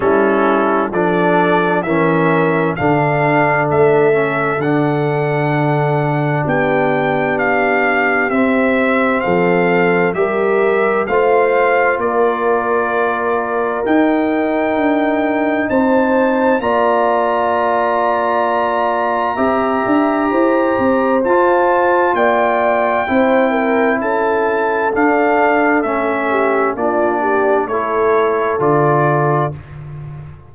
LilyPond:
<<
  \new Staff \with { instrumentName = "trumpet" } { \time 4/4 \tempo 4 = 65 a'4 d''4 e''4 f''4 | e''4 fis''2 g''4 | f''4 e''4 f''4 e''4 | f''4 d''2 g''4~ |
g''4 a''4 ais''2~ | ais''2. a''4 | g''2 a''4 f''4 | e''4 d''4 cis''4 d''4 | }
  \new Staff \with { instrumentName = "horn" } { \time 4/4 e'4 a'4 ais'4 a'4~ | a'2. g'4~ | g'2 a'4 ais'4 | c''4 ais'2.~ |
ais'4 c''4 d''2~ | d''4 e''4 c''2 | d''4 c''8 ais'8 a'2~ | a'8 g'8 f'8 g'8 a'2 | }
  \new Staff \with { instrumentName = "trombone" } { \time 4/4 cis'4 d'4 cis'4 d'4~ | d'8 cis'8 d'2.~ | d'4 c'2 g'4 | f'2. dis'4~ |
dis'2 f'2~ | f'4 g'2 f'4~ | f'4 e'2 d'4 | cis'4 d'4 e'4 f'4 | }
  \new Staff \with { instrumentName = "tuba" } { \time 4/4 g4 f4 e4 d4 | a4 d2 b4~ | b4 c'4 f4 g4 | a4 ais2 dis'4 |
d'4 c'4 ais2~ | ais4 c'8 d'8 e'8 c'8 f'4 | ais4 c'4 cis'4 d'4 | a4 ais4 a4 d4 | }
>>